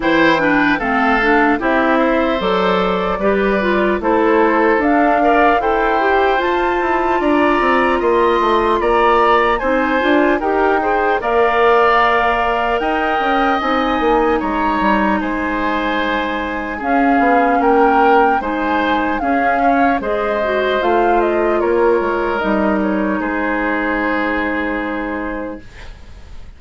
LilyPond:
<<
  \new Staff \with { instrumentName = "flute" } { \time 4/4 \tempo 4 = 75 g''4 f''4 e''4 d''4~ | d''4 c''4 f''4 g''4 | a''4 ais''4 c'''4 ais''4 | gis''4 g''4 f''2 |
g''4 gis''4 ais''4 gis''4~ | gis''4 f''4 g''4 gis''4 | f''4 dis''4 f''8 dis''8 cis''4 | dis''8 cis''8 c''2. | }
  \new Staff \with { instrumentName = "oboe" } { \time 4/4 c''8 b'8 a'4 g'8 c''4. | b'4 a'4. d''8 c''4~ | c''4 d''4 dis''4 d''4 | c''4 ais'8 c''8 d''2 |
dis''2 cis''4 c''4~ | c''4 gis'4 ais'4 c''4 | gis'8 cis''8 c''2 ais'4~ | ais'4 gis'2. | }
  \new Staff \with { instrumentName = "clarinet" } { \time 4/4 e'8 d'8 c'8 d'8 e'4 a'4 | g'8 f'8 e'4 d'8 ais'8 a'8 g'8 | f'1 | dis'8 f'8 g'8 gis'8 ais'2~ |
ais'4 dis'2.~ | dis'4 cis'2 dis'4 | cis'4 gis'8 fis'8 f'2 | dis'1 | }
  \new Staff \with { instrumentName = "bassoon" } { \time 4/4 e4 a4 c'4 fis4 | g4 a4 d'4 e'4 | f'8 e'8 d'8 c'8 ais8 a8 ais4 | c'8 d'8 dis'4 ais2 |
dis'8 cis'8 c'8 ais8 gis8 g8 gis4~ | gis4 cis'8 b8 ais4 gis4 | cis'4 gis4 a4 ais8 gis8 | g4 gis2. | }
>>